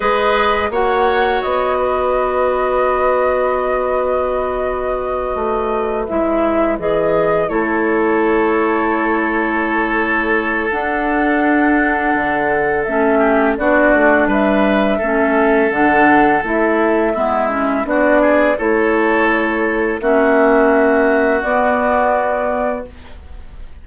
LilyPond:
<<
  \new Staff \with { instrumentName = "flute" } { \time 4/4 \tempo 4 = 84 dis''4 fis''4 dis''2~ | dis''1~ | dis''8 e''4 dis''4 cis''4.~ | cis''2. fis''4~ |
fis''2 e''4 d''4 | e''2 fis''4 e''4~ | e''4 d''4 cis''2 | e''2 d''2 | }
  \new Staff \with { instrumentName = "oboe" } { \time 4/4 b'4 cis''4. b'4.~ | b'1~ | b'2~ b'8 a'4.~ | a'1~ |
a'2~ a'8 g'8 fis'4 | b'4 a'2. | e'4 fis'8 gis'8 a'2 | fis'1 | }
  \new Staff \with { instrumentName = "clarinet" } { \time 4/4 gis'4 fis'2.~ | fis'1~ | fis'8 e'4 gis'4 e'4.~ | e'2. d'4~ |
d'2 cis'4 d'4~ | d'4 cis'4 d'4 e'4 | b8 cis'8 d'4 e'2 | cis'2 b2 | }
  \new Staff \with { instrumentName = "bassoon" } { \time 4/4 gis4 ais4 b2~ | b2.~ b8 a8~ | a8 gis4 e4 a4.~ | a2. d'4~ |
d'4 d4 a4 b8 a8 | g4 a4 d4 a4 | gis4 b4 a2 | ais2 b2 | }
>>